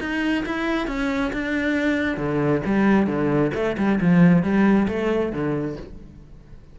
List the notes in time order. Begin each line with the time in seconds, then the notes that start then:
0.00 D#4
0.46 E4
0.87 C#4
1.33 D4
2.17 D3
2.65 G3
3.07 D3
3.54 A3
3.77 G3
4.01 F3
4.43 G3
4.88 A3
5.32 D3